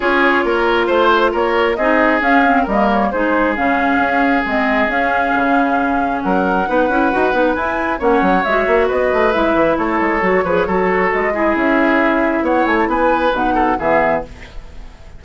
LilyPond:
<<
  \new Staff \with { instrumentName = "flute" } { \time 4/4 \tempo 4 = 135 cis''2 c''4 cis''4 | dis''4 f''4 dis''8 cis''8 c''4 | f''2 dis''4 f''4~ | f''2 fis''2~ |
fis''4 gis''4 fis''4 e''4 | dis''4 e''4 cis''2~ | cis''4 dis''4 e''2 | fis''8 gis''16 a''16 gis''4 fis''4 e''4 | }
  \new Staff \with { instrumentName = "oboe" } { \time 4/4 gis'4 ais'4 c''4 ais'4 | gis'2 ais'4 gis'4~ | gis'1~ | gis'2 ais'4 b'4~ |
b'2 cis''2 | b'2 a'4. b'8 | a'4. gis'2~ gis'8 | cis''4 b'4. a'8 gis'4 | }
  \new Staff \with { instrumentName = "clarinet" } { \time 4/4 f'1 | dis'4 cis'8 c'8 ais4 dis'4 | cis'2 c'4 cis'4~ | cis'2. dis'8 e'8 |
fis'8 dis'8 e'4 cis'4 fis'4~ | fis'4 e'2 fis'8 gis'8 | fis'4. e'2~ e'8~ | e'2 dis'4 b4 | }
  \new Staff \with { instrumentName = "bassoon" } { \time 4/4 cis'4 ais4 a4 ais4 | c'4 cis'4 g4 gis4 | cis4 cis'4 gis4 cis'4 | cis2 fis4 b8 cis'8 |
dis'8 b8 e'4 ais8 fis8 gis8 ais8 | b8 a8 gis8 e8 a8 gis8 fis8 f8 | fis4 gis4 cis'2 | b8 a8 b4 b,4 e4 | }
>>